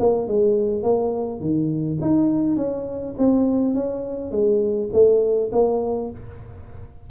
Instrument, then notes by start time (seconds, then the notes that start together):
tuba
0.00 A#3
0.28 G#3
0.83 A#3
1.41 D#3
2.02 D#4
2.57 C#4
3.18 C4
3.74 C#4
4.32 G#3
4.93 A3
5.52 A#3